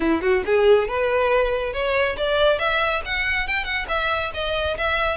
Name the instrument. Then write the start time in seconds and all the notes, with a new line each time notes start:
violin
0.00 E4
0.21 F#4
0.45 G#4
0.88 B4
1.73 C#5
2.17 D5
2.58 E5
3.05 F#5
3.47 G5
3.64 F#5
3.88 E5
4.34 D#5
4.77 E5